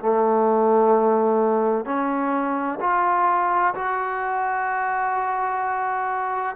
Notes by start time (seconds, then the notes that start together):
0.00 A3
1.85 C#4
2.81 F4
3.75 F#4